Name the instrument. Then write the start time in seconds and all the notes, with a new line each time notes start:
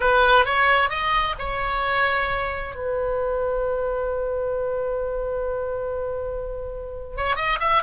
oboe
0.00 B4
0.45 C#5
0.89 D#5
1.38 C#5
2.75 B4
7.17 C#5
7.36 D#5
7.60 E5